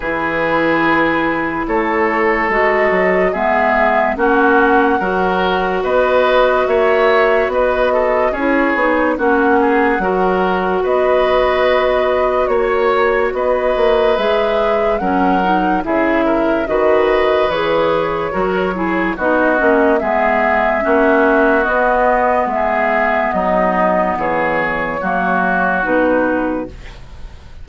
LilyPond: <<
  \new Staff \with { instrumentName = "flute" } { \time 4/4 \tempo 4 = 72 b'2 cis''4 dis''4 | e''4 fis''2 dis''4 | e''4 dis''4 cis''4 fis''4~ | fis''4 dis''2 cis''4 |
dis''4 e''4 fis''4 e''4 | dis''4 cis''2 dis''4 | e''2 dis''4 e''4 | dis''4 cis''2 b'4 | }
  \new Staff \with { instrumentName = "oboe" } { \time 4/4 gis'2 a'2 | gis'4 fis'4 ais'4 b'4 | cis''4 b'8 a'8 gis'4 fis'8 gis'8 | ais'4 b'2 cis''4 |
b'2 ais'4 gis'8 ais'8 | b'2 ais'8 gis'8 fis'4 | gis'4 fis'2 gis'4 | dis'4 gis'4 fis'2 | }
  \new Staff \with { instrumentName = "clarinet" } { \time 4/4 e'2. fis'4 | b4 cis'4 fis'2~ | fis'2 e'8 dis'8 cis'4 | fis'1~ |
fis'4 gis'4 cis'8 dis'8 e'4 | fis'4 gis'4 fis'8 e'8 dis'8 cis'8 | b4 cis'4 b2~ | b2 ais4 dis'4 | }
  \new Staff \with { instrumentName = "bassoon" } { \time 4/4 e2 a4 gis8 fis8 | gis4 ais4 fis4 b4 | ais4 b4 cis'8 b8 ais4 | fis4 b2 ais4 |
b8 ais8 gis4 fis4 cis4 | dis4 e4 fis4 b8 ais8 | gis4 ais4 b4 gis4 | fis4 e4 fis4 b,4 | }
>>